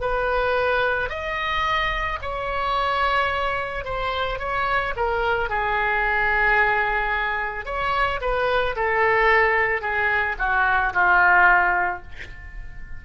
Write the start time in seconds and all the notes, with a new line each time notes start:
0.00 B4
1.09 D#5
2.21 C#5
3.84 C5
4.39 C#5
4.96 A#4
5.49 G#4
7.65 C#5
8.21 B4
8.76 A4
9.81 G#4
10.38 F#4
10.93 F4